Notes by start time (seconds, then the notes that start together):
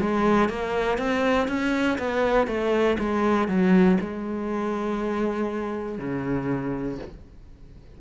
0.00 G#3
0.49 A#3
0.98 C4
1.48 C#4
1.98 B3
2.47 A3
2.98 G#3
3.48 F#3
4.00 G#3
5.98 C#3